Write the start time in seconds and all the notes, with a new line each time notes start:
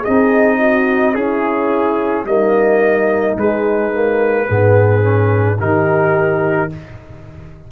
0.00 G#4 D#5
0.06 C4 D#4
0.59 F#4
1.15 C#4 E4 G#4
2.25 G3 A#3 D#4 D#5
3.37 G#3 B4
3.92 A#3
4.47 G#2 B3 G#4
5.02 C#4
5.59 D#3 D#4 G4 A#4